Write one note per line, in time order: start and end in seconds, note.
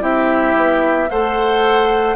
0.00 0.55 C4
0.00 1.07 E4
0.00 1.09 G4
0.00 1.10 E5
0.56 1.09 B3
1.10 2.16 A3
1.10 2.16 A4
1.10 2.16 C5
1.10 2.16 F#5